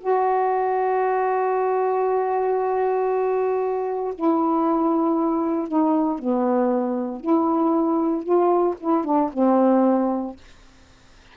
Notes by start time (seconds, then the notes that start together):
0.00 F#4
4.15 E4
5.68 D#4
6.19 B3
7.20 E4
8.23 F4
8.80 E4
9.04 D4
9.33 C4